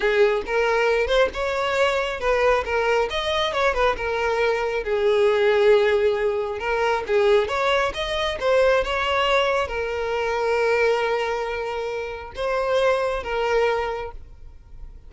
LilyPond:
\new Staff \with { instrumentName = "violin" } { \time 4/4 \tempo 4 = 136 gis'4 ais'4. c''8 cis''4~ | cis''4 b'4 ais'4 dis''4 | cis''8 b'8 ais'2 gis'4~ | gis'2. ais'4 |
gis'4 cis''4 dis''4 c''4 | cis''2 ais'2~ | ais'1 | c''2 ais'2 | }